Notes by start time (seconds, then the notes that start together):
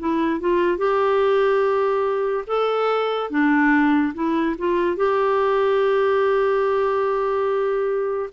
0.00 E4
0.41 F4
0.78 G4
2.47 A4
3.30 D4
4.14 E4
4.59 F4
4.97 G4